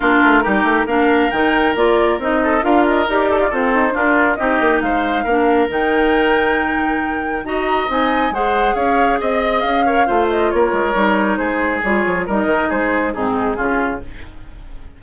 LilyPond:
<<
  \new Staff \with { instrumentName = "flute" } { \time 4/4 \tempo 4 = 137 ais'2 f''4 g''4 | d''4 dis''4 f''8 dis''8 d''4 | c''4 ais'4 dis''4 f''4~ | f''4 g''2.~ |
g''4 ais''4 gis''4 fis''4 | f''4 dis''4 f''4. dis''8 | cis''2 c''4 cis''4 | dis''4 c''4 gis'2 | }
  \new Staff \with { instrumentName = "oboe" } { \time 4/4 f'4 g'4 ais'2~ | ais'4. a'8 ais'4. a'16 f'16 | a'4 f'4 g'4 c''4 | ais'1~ |
ais'4 dis''2 c''4 | cis''4 dis''4. cis''8 c''4 | ais'2 gis'2 | ais'4 gis'4 dis'4 f'4 | }
  \new Staff \with { instrumentName = "clarinet" } { \time 4/4 d'4 dis'4 d'4 dis'4 | f'4 dis'4 f'4 g'4 | c'4 d'4 dis'2 | d'4 dis'2.~ |
dis'4 fis'4 dis'4 gis'4~ | gis'2~ gis'8 ais'8 f'4~ | f'4 dis'2 f'4 | dis'2 c'4 cis'4 | }
  \new Staff \with { instrumentName = "bassoon" } { \time 4/4 ais8 a8 g8 a8 ais4 dis4 | ais4 c'4 d'4 dis'4 | f'8 dis'8 d'4 c'8 ais8 gis4 | ais4 dis2.~ |
dis4 dis'4 c'4 gis4 | cis'4 c'4 cis'4 a4 | ais8 gis8 g4 gis4 g8 f8 | g8 dis8 gis4 gis,4 cis4 | }
>>